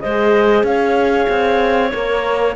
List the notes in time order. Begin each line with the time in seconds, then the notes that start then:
0.00 G#3 G#4 C5 D#5
0.63 C#4 C#5 F5
1.29 C4
1.90 A#3 A#4 C#5